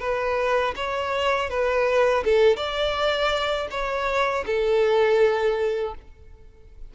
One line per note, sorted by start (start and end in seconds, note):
0.00 0.74 B4
0.76 1.50 C#5
1.50 2.24 B4
2.25 2.57 A4
2.57 3.68 D5
3.71 4.45 C#5
4.46 5.95 A4